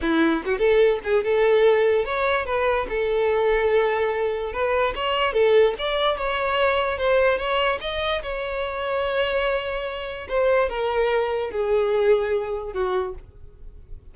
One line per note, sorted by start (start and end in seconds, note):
0.01 0.42 E4
0.45 0.58 F#4
0.58 0.99 A4
1.04 1.23 G#4
1.23 2.04 A4
2.04 2.45 C#5
2.45 2.86 B4
2.89 4.52 A4
4.52 4.93 B4
4.95 5.33 C#5
5.33 5.74 A4
5.78 6.17 D5
6.17 6.98 C#5
6.98 7.37 C5
7.37 7.79 C#5
7.81 8.22 D#5
8.22 10.27 C#5
10.28 10.69 C5
10.69 11.51 A#4
11.51 12.73 G#4
12.73 13.14 F#4